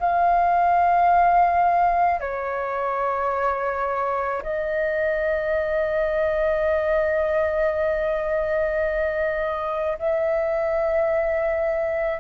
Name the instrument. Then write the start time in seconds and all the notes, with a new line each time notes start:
flute
0.00 F5
2.21 C#5
4.43 D#5
9.99 E5